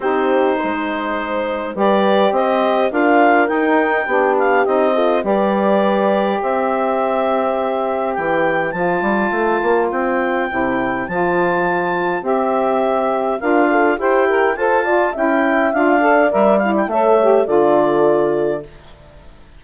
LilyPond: <<
  \new Staff \with { instrumentName = "clarinet" } { \time 4/4 \tempo 4 = 103 c''2. d''4 | dis''4 f''4 g''4. f''8 | dis''4 d''2 e''4~ | e''2 g''4 a''4~ |
a''4 g''2 a''4~ | a''4 e''2 f''4 | g''4 a''4 g''4 f''4 | e''8 f''16 g''16 e''4 d''2 | }
  \new Staff \with { instrumentName = "horn" } { \time 4/4 g'4 c''2 b'4 | c''4 ais'2 g'4~ | g'8 a'8 b'2 c''4~ | c''1~ |
c''1~ | c''2. ais'8 a'8 | g'4 c''8 d''8 e''4. d''8~ | d''4 cis''4 a'2 | }
  \new Staff \with { instrumentName = "saxophone" } { \time 4/4 dis'2. g'4~ | g'4 f'4 dis'4 d'4 | dis'8 f'8 g'2.~ | g'2. f'4~ |
f'2 e'4 f'4~ | f'4 g'2 f'4 | c''8 ais'8 a'8 f'8 e'4 f'8 a'8 | ais'8 e'8 a'8 g'8 f'2 | }
  \new Staff \with { instrumentName = "bassoon" } { \time 4/4 c'4 gis2 g4 | c'4 d'4 dis'4 b4 | c'4 g2 c'4~ | c'2 e4 f8 g8 |
a8 ais8 c'4 c4 f4~ | f4 c'2 d'4 | e'4 f'4 cis'4 d'4 | g4 a4 d2 | }
>>